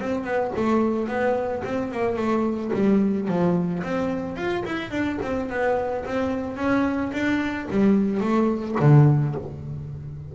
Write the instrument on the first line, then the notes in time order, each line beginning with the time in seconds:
double bass
0.00 C4
0.24 B3
0.56 A3
1.08 B3
1.64 C4
1.92 A#3
2.16 A3
2.73 G3
3.28 F3
3.83 C4
4.36 F4
4.65 E4
4.91 D4
5.22 C4
5.50 B3
6.05 C4
6.56 C#4
7.13 D4
7.70 G3
8.20 A3
8.80 D3